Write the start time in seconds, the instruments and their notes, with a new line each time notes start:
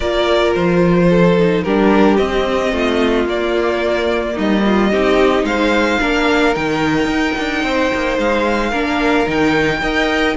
0.00 cello A#3, viola F4, violin A#4 D5
0.54 cello F3, violin C5
1.09 violin A4
1.38 viola D#4
1.63 cello G3, viola D4, violin G4 A#4
2.17 cello C4, viola C4, violin D#5
2.72 cello A3, violin F4
3.25 cello A#3, viola A#3, violin D5
4.34 cello G3, violin D#4 D#5
4.65 violin F4
4.90 cello C4, viola D#4, violin G4
5.43 cello G#3, violin C5 F5
6.00 cello A#3, viola D4, violin A#4
6.53 cello D#3, viola D#4, violin G5
7.05 cello D#4
7.38 cello D4
7.62 cello C4, violin C5
7.93 cello A#3
8.17 cello G#3, violin F5
8.70 cello A#3, viola D4, violin A#4
9.26 cello D#3, viola D#4, violin G5
9.81 cello D#4, viola A#4, violin D#5